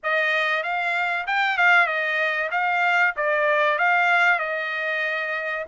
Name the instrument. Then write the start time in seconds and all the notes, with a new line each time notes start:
trumpet
0.03 D#5
0.63 F5
1.27 G5
1.57 F5
1.86 D#5
2.51 F5
3.16 D5
3.78 F5
4.39 D#5